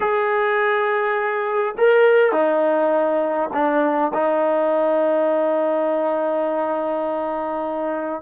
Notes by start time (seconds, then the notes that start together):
0.00 G#4
1.77 A#4
2.32 D#4
3.53 D4
4.13 D#4